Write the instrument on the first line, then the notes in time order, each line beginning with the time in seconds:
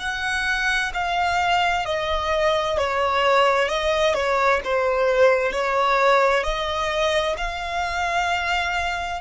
violin
0.00 F#5
0.94 F5
1.86 D#5
2.78 C#5
3.69 D#5
4.15 C#5
4.64 C5
5.53 C#5
6.44 D#5
7.38 F5